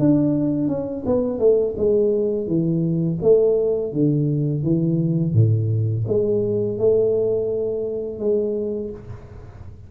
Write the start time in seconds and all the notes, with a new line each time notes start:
0.00 D4
0.68 C#4
1.06 B3
1.40 A3
1.78 G#3
2.47 E3
3.22 A3
3.93 D3
4.63 E3
5.34 A2
6.08 G#3
6.79 A3
8.19 G#3